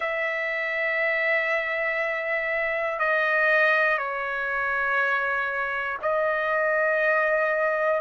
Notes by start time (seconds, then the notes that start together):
0.00 E5
2.99 D#5
3.98 C#5
6.01 D#5